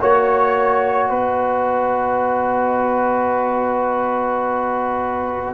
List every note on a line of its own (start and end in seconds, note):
0.00 1.10 A#3
0.00 5.54 F#4
0.00 1.09 C#5
0.00 1.10 C#5
1.09 5.54 B3
1.09 5.54 B4
1.09 5.54 D#5